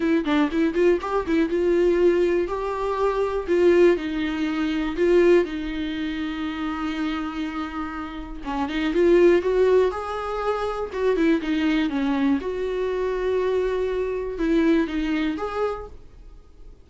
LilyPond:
\new Staff \with { instrumentName = "viola" } { \time 4/4 \tempo 4 = 121 e'8 d'8 e'8 f'8 g'8 e'8 f'4~ | f'4 g'2 f'4 | dis'2 f'4 dis'4~ | dis'1~ |
dis'4 cis'8 dis'8 f'4 fis'4 | gis'2 fis'8 e'8 dis'4 | cis'4 fis'2.~ | fis'4 e'4 dis'4 gis'4 | }